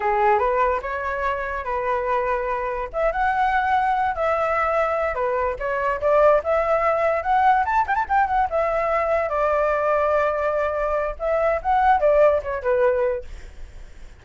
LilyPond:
\new Staff \with { instrumentName = "flute" } { \time 4/4 \tempo 4 = 145 gis'4 b'4 cis''2 | b'2. e''8 fis''8~ | fis''2 e''2~ | e''8 b'4 cis''4 d''4 e''8~ |
e''4. fis''4 a''8 g''16 a''16 g''8 | fis''8 e''2 d''4.~ | d''2. e''4 | fis''4 d''4 cis''8 b'4. | }